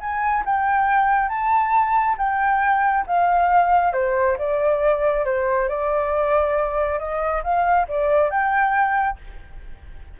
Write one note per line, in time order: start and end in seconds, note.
0.00 0.44 G#5
0.45 1.29 G5
1.29 2.16 A5
2.18 3.05 G5
3.07 3.93 F5
3.93 4.37 C5
4.38 5.25 D5
5.25 5.69 C5
5.69 6.99 D5
6.99 7.43 D#5
7.43 7.87 F5
7.88 8.30 D5
8.30 9.18 G5